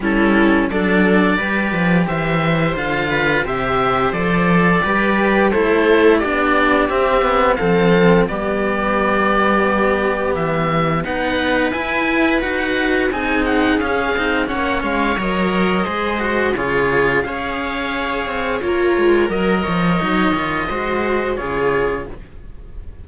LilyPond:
<<
  \new Staff \with { instrumentName = "oboe" } { \time 4/4 \tempo 4 = 87 a'4 d''2 e''4 | f''4 e''4 d''2 | c''4 d''4 e''4 f''4 | d''2. e''4 |
fis''4 gis''4 fis''4 gis''8 fis''8 | f''4 fis''8 f''8 dis''2 | cis''4 f''2 cis''4 | dis''2. cis''4 | }
  \new Staff \with { instrumentName = "viola" } { \time 4/4 e'4 a'4 b'4 c''4~ | c''8 b'8 c''2 b'4 | a'4 g'2 a'4 | g'1 |
b'2. gis'4~ | gis'4 cis''2 c''4 | gis'4 cis''2 f'4 | ais'8 cis''4. c''4 gis'4 | }
  \new Staff \with { instrumentName = "cello" } { \time 4/4 cis'4 d'4 g'2 | f'4 g'4 a'4 g'4 | e'4 d'4 c'8 b8 c'4 | b1 |
dis'4 e'4 fis'4 dis'4 | cis'8 dis'8 cis'4 ais'4 gis'8 fis'8 | f'4 gis'2 ais'4~ | ais'4 dis'8 f'8 fis'4 f'4 | }
  \new Staff \with { instrumentName = "cello" } { \time 4/4 g4 fis4 g8 f8 e4 | d4 c4 f4 g4 | a4 b4 c'4 f4 | g2. e4 |
b4 e'4 dis'4 c'4 | cis'8 c'8 ais8 gis8 fis4 gis4 | cis4 cis'4. c'8 ais8 gis8 | fis8 f8 fis8 dis8 gis4 cis4 | }
>>